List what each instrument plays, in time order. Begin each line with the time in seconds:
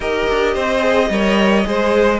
0.00 cello D#4, viola G4, violin A#4 D#5
0.30 cello D4
0.54 cello C4, violin C5
0.79 viola G#4
1.09 cello G3, viola A#4, violin C#5
1.64 cello G#3, viola G#4, violin C5